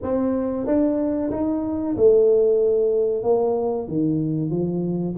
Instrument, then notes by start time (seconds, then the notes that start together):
tuba
0.02 C4
0.66 D4
1.31 D#4
1.96 A3
3.23 A#3
3.87 D#3
4.50 F3